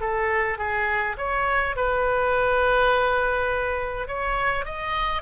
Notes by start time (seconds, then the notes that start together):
0.00 A4
0.57 G#4
1.17 C#5
1.76 B4
4.07 C#5
4.65 D#5